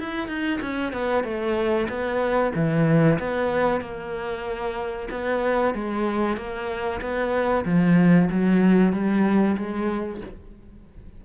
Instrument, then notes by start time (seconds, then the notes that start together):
cello
0.00 E4
0.28 D#4
0.62 C#4
0.93 B3
1.24 A3
1.89 B3
2.55 E3
3.20 B3
3.82 A#3
5.11 B3
5.75 G#3
6.37 A#3
7.01 B3
7.65 F3
8.31 F#3
8.93 G3
9.58 G#3